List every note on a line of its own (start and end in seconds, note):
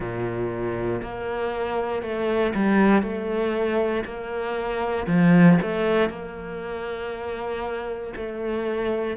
0.00 1.01 A#2
1.02 2.02 A#3
2.02 2.53 A3
2.54 3.02 G3
3.02 4.04 A3
4.04 5.06 A#3
5.07 5.57 F3
5.62 6.09 A3
6.09 8.13 A#3
8.15 9.17 A3